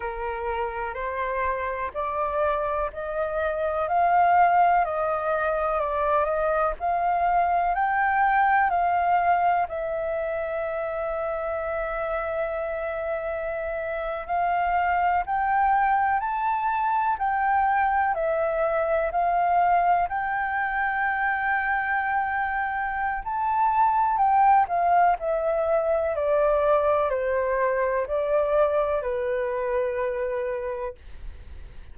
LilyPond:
\new Staff \with { instrumentName = "flute" } { \time 4/4 \tempo 4 = 62 ais'4 c''4 d''4 dis''4 | f''4 dis''4 d''8 dis''8 f''4 | g''4 f''4 e''2~ | e''2~ e''8. f''4 g''16~ |
g''8. a''4 g''4 e''4 f''16~ | f''8. g''2.~ g''16 | a''4 g''8 f''8 e''4 d''4 | c''4 d''4 b'2 | }